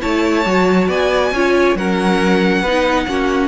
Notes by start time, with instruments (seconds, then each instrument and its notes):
0.00 cello A3, viola E4, violin C#5 A5
0.46 cello F#3, viola F#4
0.88 cello B3, violin D5 G#5
1.31 cello C#4, viola F4, violin C#5
1.75 cello F#3, viola C#4, violin A#4 F#5
2.62 cello B3, viola D#4, violin B4
3.07 cello A#3, viola C#4, violin F#4